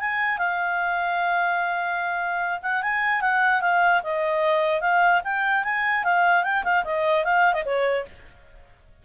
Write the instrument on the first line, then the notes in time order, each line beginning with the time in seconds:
clarinet
0.00 G#5
0.38 F5
2.62 F#5
2.83 G#5
3.21 F#5
3.61 F5
4.03 D#5
4.81 F5
5.24 G5
5.64 G#5
6.04 F5
6.44 G5
6.64 F5
6.84 D#5
7.24 F5
7.53 D#5
7.65 C#5